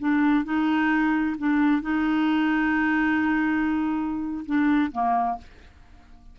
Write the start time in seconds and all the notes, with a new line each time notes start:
0.00 D4
0.45 D#4
1.38 D4
1.82 D#4
4.46 D4
4.92 A#3